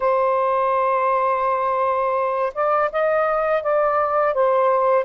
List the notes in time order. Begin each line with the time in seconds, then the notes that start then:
0.00 C5
2.54 D5
2.91 D#5
3.62 D5
4.33 C5